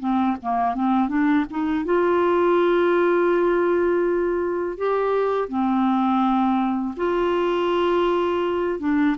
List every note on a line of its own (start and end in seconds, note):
0.00 0.37 C4
0.42 0.75 A#3
0.75 1.09 C4
1.09 1.45 D4
1.50 1.85 D#4
1.85 4.78 F4
4.78 5.48 G4
5.48 6.95 C4
6.96 8.79 F4
8.80 9.16 D4